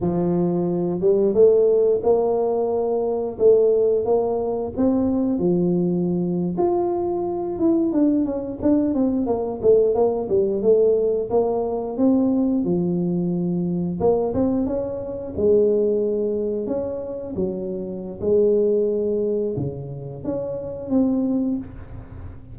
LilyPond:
\new Staff \with { instrumentName = "tuba" } { \time 4/4 \tempo 4 = 89 f4. g8 a4 ais4~ | ais4 a4 ais4 c'4 | f4.~ f16 f'4. e'8 d'16~ | d'16 cis'8 d'8 c'8 ais8 a8 ais8 g8 a16~ |
a8. ais4 c'4 f4~ f16~ | f8. ais8 c'8 cis'4 gis4~ gis16~ | gis8. cis'4 fis4~ fis16 gis4~ | gis4 cis4 cis'4 c'4 | }